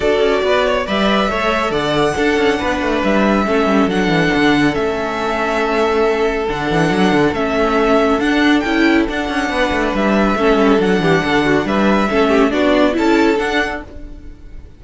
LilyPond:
<<
  \new Staff \with { instrumentName = "violin" } { \time 4/4 \tempo 4 = 139 d''2 e''2 | fis''2. e''4~ | e''4 fis''2 e''4~ | e''2. fis''4~ |
fis''4 e''2 fis''4 | g''4 fis''2 e''4~ | e''4 fis''2 e''4~ | e''4 d''4 a''4 fis''4 | }
  \new Staff \with { instrumentName = "violin" } { \time 4/4 a'4 b'8 cis''8 d''4 cis''4 | d''4 a'4 b'2 | a'1~ | a'1~ |
a'1~ | a'2 b'2 | a'4. g'8 a'8 fis'8 b'4 | a'8 g'8 fis'4 a'2 | }
  \new Staff \with { instrumentName = "viola" } { \time 4/4 fis'2 b'4 a'4~ | a'4 d'2. | cis'4 d'2 cis'4~ | cis'2. d'4~ |
d'4 cis'2 d'4 | e'4 d'2. | cis'4 d'2. | cis'4 d'4 e'4 d'4 | }
  \new Staff \with { instrumentName = "cello" } { \time 4/4 d'8 cis'8 b4 g4 a4 | d4 d'8 cis'8 b8 a8 g4 | a8 g8 fis8 e8 d4 a4~ | a2. d8 e8 |
fis8 d8 a2 d'4 | cis'4 d'8 cis'8 b8 a8 g4 | a8 g8 fis8 e8 d4 g4 | a4 b4 cis'4 d'4 | }
>>